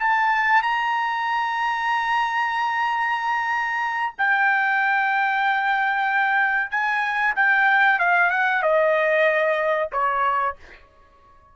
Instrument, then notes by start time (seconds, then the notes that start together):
trumpet
0.00 A5
0.63 A#5
4.18 G5
6.71 G#5
7.36 G5
8.00 F5
8.31 F#5
8.63 D#5
9.92 C#5